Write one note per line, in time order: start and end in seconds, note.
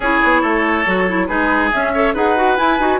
0.00 0.18 C#4
0.00 0.86 E4
0.00 0.41 G#4
0.00 1.27 C#5
0.23 0.42 B3
0.41 0.85 A3
0.41 1.27 A4
0.86 1.29 F#3
0.86 1.07 F#4
1.08 1.28 E4
1.27 1.72 G#3
1.27 1.71 D#4
1.27 1.92 G#4
1.27 1.69 B4
1.72 2.14 C#4
1.72 1.94 C#4
1.72 2.14 E5
1.94 2.15 A4
1.94 2.13 C#5
2.13 2.57 D#4
2.13 2.36 G#4
2.13 2.99 B4
2.13 2.57 F#5
2.36 2.57 F#4
2.57 2.78 E4
2.57 2.79 E4
2.57 2.99 G#5
2.79 2.99 D#4
2.79 2.99 F#4